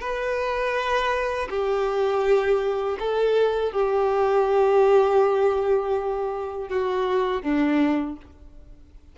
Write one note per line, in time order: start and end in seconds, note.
0.00 1.48 B4
1.49 2.98 G4
2.99 3.72 A4
3.72 6.68 G4
6.68 7.42 F#4
7.42 8.16 D4